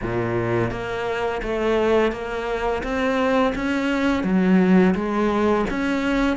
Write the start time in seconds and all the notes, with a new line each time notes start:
0.02 A#2
0.71 A#3
1.42 A3
2.12 A#3
2.83 C4
3.55 C#4
4.24 F#3
4.94 G#3
5.70 C#4